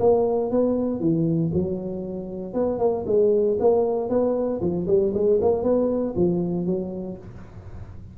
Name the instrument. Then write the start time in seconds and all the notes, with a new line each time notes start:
tuba
0.00 A#3
0.51 B3
1.01 E3
1.54 F#3
2.54 B3
2.79 A#3
3.07 G#3
3.60 A#3
4.10 B3
4.62 F3
4.88 G3
5.14 G#3
5.41 A#3
5.63 B3
6.17 F3
6.66 F#3